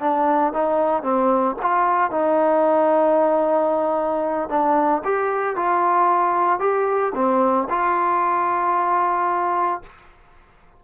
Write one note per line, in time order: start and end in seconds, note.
0.00 0.53 D4
0.53 1.03 D#4
1.03 1.56 C4
1.62 2.10 F4
2.10 4.49 D#4
4.49 5.02 D4
5.04 5.56 G4
5.56 6.59 F4
6.59 7.12 G4
7.15 7.68 C4
7.69 9.82 F4